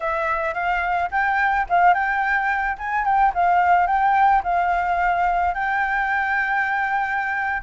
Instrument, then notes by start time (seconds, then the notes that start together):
flute
0.00 E5
0.54 F5
1.11 G5
1.69 F5
1.94 G5
2.78 G#5
3.04 G5
3.34 F5
3.87 G5
4.43 F5
5.54 G5